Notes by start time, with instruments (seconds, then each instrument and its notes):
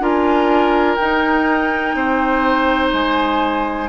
0.00 bassoon D4, clarinet F4, oboe A#4, flute G#5
0.95 clarinet D#4, bassoon D#4, flute G5
1.95 bassoon C4, oboe C5
2.93 bassoon G#3, flute G#5